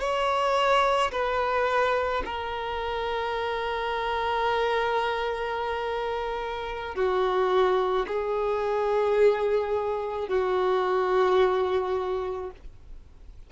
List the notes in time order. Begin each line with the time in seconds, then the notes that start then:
0.00 C#5
1.12 B4
2.25 A#4
6.95 F#4
8.08 G#4
10.29 F#4